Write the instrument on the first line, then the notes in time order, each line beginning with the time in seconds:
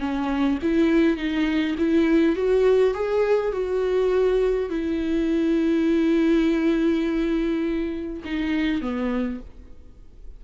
viola
0.00 C#4
0.62 E4
1.17 D#4
1.78 E4
2.36 F#4
2.94 G#4
3.52 F#4
4.70 E4
8.25 D#4
8.82 B3